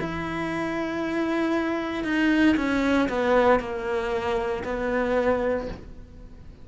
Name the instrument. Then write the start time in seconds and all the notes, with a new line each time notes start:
cello
0.00 E4
2.05 D#4
2.57 C#4
3.09 B3
3.60 A#3
4.65 B3